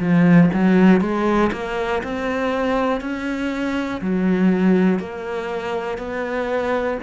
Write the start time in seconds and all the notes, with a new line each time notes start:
0.00 F3
0.54 F#3
1.01 G#3
1.53 A#3
2.03 C4
3.00 C#4
4.01 F#3
4.99 A#3
5.98 B3